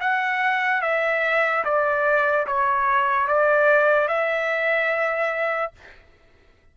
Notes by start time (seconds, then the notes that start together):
0.00 F#5
0.81 E5
1.64 D5
2.47 C#5
3.28 D5
4.08 E5